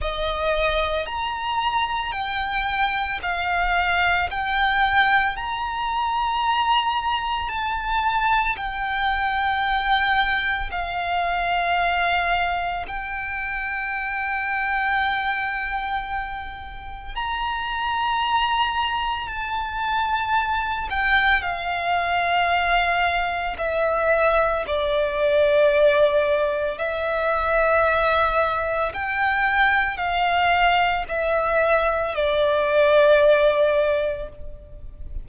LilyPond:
\new Staff \with { instrumentName = "violin" } { \time 4/4 \tempo 4 = 56 dis''4 ais''4 g''4 f''4 | g''4 ais''2 a''4 | g''2 f''2 | g''1 |
ais''2 a''4. g''8 | f''2 e''4 d''4~ | d''4 e''2 g''4 | f''4 e''4 d''2 | }